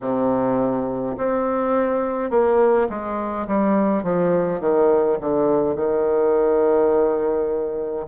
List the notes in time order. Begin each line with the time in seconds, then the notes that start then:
0.01 C3
1.17 C4
2.30 A#3
2.88 G#3
3.47 G3
4.03 F3
4.60 D#3
5.20 D3
5.75 D#3